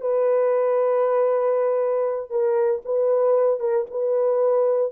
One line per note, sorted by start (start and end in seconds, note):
0.00 2.30 B4
2.30 2.82 A#4
2.84 3.59 B4
3.59 3.85 A#4
3.90 4.92 B4